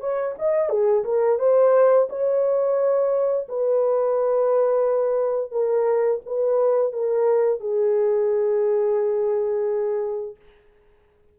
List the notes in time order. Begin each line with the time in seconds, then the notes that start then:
0.00 C#5
0.39 D#5
0.69 G#4
1.04 A#4
1.39 C5
2.09 C#5
3.48 B4
5.51 A#4
6.26 B4
6.92 A#4
7.60 G#4